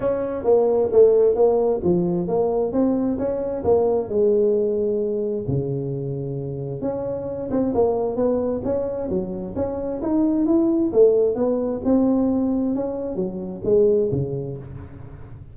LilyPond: \new Staff \with { instrumentName = "tuba" } { \time 4/4 \tempo 4 = 132 cis'4 ais4 a4 ais4 | f4 ais4 c'4 cis'4 | ais4 gis2. | cis2. cis'4~ |
cis'8 c'8 ais4 b4 cis'4 | fis4 cis'4 dis'4 e'4 | a4 b4 c'2 | cis'4 fis4 gis4 cis4 | }